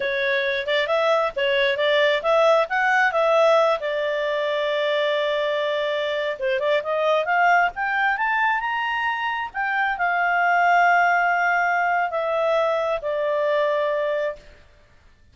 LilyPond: \new Staff \with { instrumentName = "clarinet" } { \time 4/4 \tempo 4 = 134 cis''4. d''8 e''4 cis''4 | d''4 e''4 fis''4 e''4~ | e''8 d''2.~ d''8~ | d''2~ d''16 c''8 d''8 dis''8.~ |
dis''16 f''4 g''4 a''4 ais''8.~ | ais''4~ ais''16 g''4 f''4.~ f''16~ | f''2. e''4~ | e''4 d''2. | }